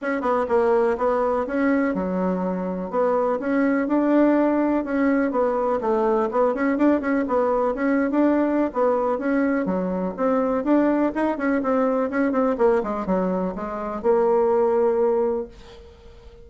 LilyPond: \new Staff \with { instrumentName = "bassoon" } { \time 4/4 \tempo 4 = 124 cis'8 b8 ais4 b4 cis'4 | fis2 b4 cis'4 | d'2 cis'4 b4 | a4 b8 cis'8 d'8 cis'8 b4 |
cis'8. d'4~ d'16 b4 cis'4 | fis4 c'4 d'4 dis'8 cis'8 | c'4 cis'8 c'8 ais8 gis8 fis4 | gis4 ais2. | }